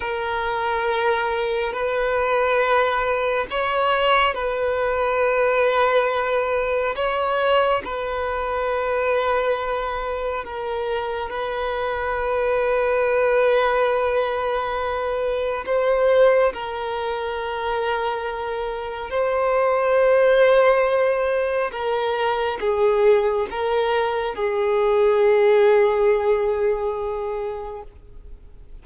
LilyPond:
\new Staff \with { instrumentName = "violin" } { \time 4/4 \tempo 4 = 69 ais'2 b'2 | cis''4 b'2. | cis''4 b'2. | ais'4 b'2.~ |
b'2 c''4 ais'4~ | ais'2 c''2~ | c''4 ais'4 gis'4 ais'4 | gis'1 | }